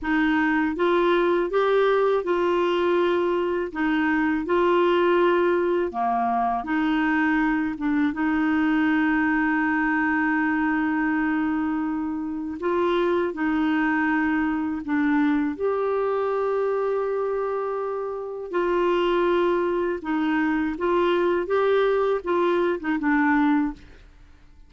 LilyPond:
\new Staff \with { instrumentName = "clarinet" } { \time 4/4 \tempo 4 = 81 dis'4 f'4 g'4 f'4~ | f'4 dis'4 f'2 | ais4 dis'4. d'8 dis'4~ | dis'1~ |
dis'4 f'4 dis'2 | d'4 g'2.~ | g'4 f'2 dis'4 | f'4 g'4 f'8. dis'16 d'4 | }